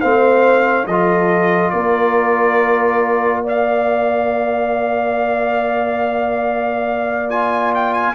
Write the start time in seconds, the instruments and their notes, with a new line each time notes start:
0.00 tuba A3, trombone C4, horn C5, trumpet F5
0.87 tuba F3, trombone F4, horn A4, trumpet D#5
1.71 tuba A#3, horn A#4, trumpet D5
3.44 trombone A#4, horn D5, trumpet F5
7.29 trombone F4, trumpet G#5
7.75 trumpet G5
7.94 trumpet G#5